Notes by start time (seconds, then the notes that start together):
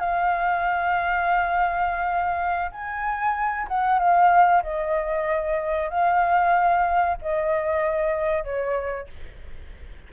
0.00 F5
2.72 G#5
3.68 F#5
3.99 F5
4.63 D#5
5.90 F5
7.22 D#5
8.44 C#5